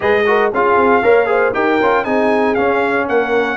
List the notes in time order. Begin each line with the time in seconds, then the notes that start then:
0.00 G#3 G#4 B4 D#5
0.26 F#4 A#4
0.52 C#4 F4 G#4 F5
0.76 C4
1.02 A#3 A#4 C#5
1.26 G#4 C5
1.53 D#4 G4 A#4 G5
1.80 C#4 F4
2.03 C4 D#4 G#4 G#5
2.54 C#4 F5
3.07 A#3 A#4 F#5